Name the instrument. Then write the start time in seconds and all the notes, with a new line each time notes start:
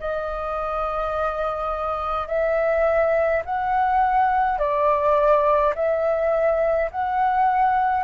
flute
0.00 D#5
2.28 E5
3.45 F#5
4.58 D5
5.75 E5
6.91 F#5